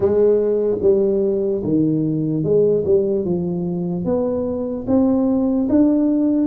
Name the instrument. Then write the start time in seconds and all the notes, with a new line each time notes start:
tuba
0.00 G#3
0.81 G3
1.63 D#3
2.43 G#3
2.85 G3
3.24 F3
4.04 B3
4.86 C4
5.69 D4